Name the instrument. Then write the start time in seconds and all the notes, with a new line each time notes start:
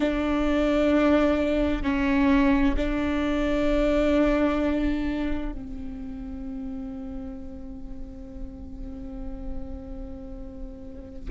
viola
0.00 D4
1.82 C#4
2.77 D4
5.52 C4